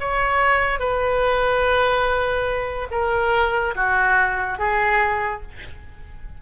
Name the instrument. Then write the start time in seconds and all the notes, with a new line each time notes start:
oboe
0.00 C#5
0.80 B4
2.92 A#4
3.76 F#4
4.59 G#4